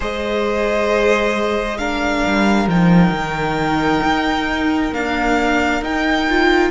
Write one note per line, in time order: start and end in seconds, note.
0.00 2.25 G#3
0.00 1.77 G#4
0.00 1.77 C5
0.00 1.78 D#5
1.78 2.68 D4
1.78 6.70 A#4
1.78 2.67 F5
2.26 2.67 G3
2.67 3.10 F3
2.67 4.91 D#4
2.67 4.93 G5
3.10 3.99 D#3
4.03 4.92 D#4
4.91 5.81 A#3
4.91 5.81 D4
4.91 5.83 F5
5.81 6.70 D#4
5.81 6.27 D#4
5.81 6.70 G5
6.28 6.70 F4